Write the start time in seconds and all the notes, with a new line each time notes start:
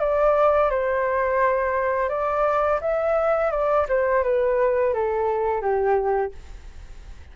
0.00 D5
0.70 C5
2.09 D5
2.81 E5
3.51 D5
3.89 C5
4.24 B4
4.94 A4
5.61 G4